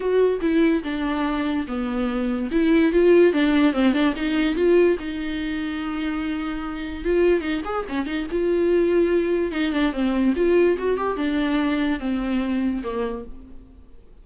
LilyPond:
\new Staff \with { instrumentName = "viola" } { \time 4/4 \tempo 4 = 145 fis'4 e'4 d'2 | b2 e'4 f'4 | d'4 c'8 d'8 dis'4 f'4 | dis'1~ |
dis'4 f'4 dis'8 gis'8 cis'8 dis'8 | f'2. dis'8 d'8 | c'4 f'4 fis'8 g'8 d'4~ | d'4 c'2 ais4 | }